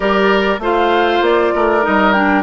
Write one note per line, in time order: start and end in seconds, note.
0.00 0.57 G3
0.00 0.59 G4
0.00 0.60 A#4
0.00 0.61 D5
0.58 1.20 A3
0.58 1.82 F4
0.58 1.54 C5
0.65 1.23 F5
1.21 1.52 A#3
1.21 1.85 D5
1.54 1.85 A3
1.54 2.43 A#4
1.82 2.43 G3
1.82 2.13 D#4
1.82 2.12 D#5
2.12 2.43 D4
2.12 2.43 G5